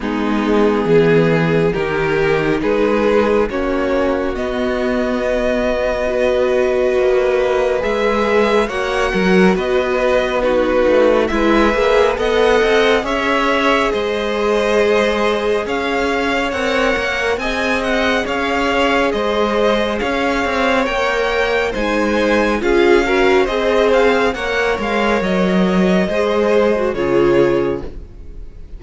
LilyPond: <<
  \new Staff \with { instrumentName = "violin" } { \time 4/4 \tempo 4 = 69 gis'2 ais'4 b'4 | cis''4 dis''2.~ | dis''4 e''4 fis''4 dis''4 | b'4 e''4 fis''4 e''4 |
dis''2 f''4 fis''4 | gis''8 fis''8 f''4 dis''4 f''4 | g''4 gis''4 f''4 dis''8 f''8 | fis''8 f''8 dis''2 cis''4 | }
  \new Staff \with { instrumentName = "violin" } { \time 4/4 dis'4 gis'4 g'4 gis'4 | fis'2. b'4~ | b'2 cis''8 ais'8 b'4 | fis'4 b'4 dis''4 cis''4 |
c''2 cis''2 | dis''4 cis''4 c''4 cis''4~ | cis''4 c''4 gis'8 ais'8 c''4 | cis''2 c''4 gis'4 | }
  \new Staff \with { instrumentName = "viola" } { \time 4/4 b2 dis'2 | cis'4 b2 fis'4~ | fis'4 gis'4 fis'2 | dis'4 e'8 gis'8 a'4 gis'4~ |
gis'2. ais'4 | gis'1 | ais'4 dis'4 f'8 fis'8 gis'4 | ais'2 gis'8. fis'16 f'4 | }
  \new Staff \with { instrumentName = "cello" } { \time 4/4 gis4 e4 dis4 gis4 | ais4 b2. | ais4 gis4 ais8 fis8 b4~ | b8 a8 gis8 ais8 b8 c'8 cis'4 |
gis2 cis'4 c'8 ais8 | c'4 cis'4 gis4 cis'8 c'8 | ais4 gis4 cis'4 c'4 | ais8 gis8 fis4 gis4 cis4 | }
>>